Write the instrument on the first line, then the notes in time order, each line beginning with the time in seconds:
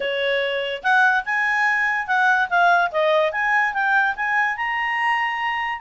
clarinet
0.00 C#5
0.83 F#5
1.25 G#5
2.07 F#5
2.49 F5
2.91 D#5
3.32 G#5
3.73 G5
4.16 G#5
4.56 A#5